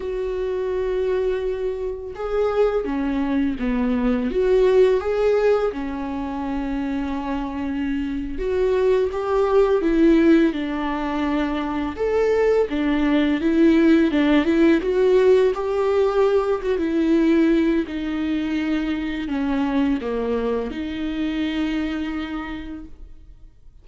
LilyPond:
\new Staff \with { instrumentName = "viola" } { \time 4/4 \tempo 4 = 84 fis'2. gis'4 | cis'4 b4 fis'4 gis'4 | cis'2.~ cis'8. fis'16~ | fis'8. g'4 e'4 d'4~ d'16~ |
d'8. a'4 d'4 e'4 d'16~ | d'16 e'8 fis'4 g'4. fis'16 e'8~ | e'4 dis'2 cis'4 | ais4 dis'2. | }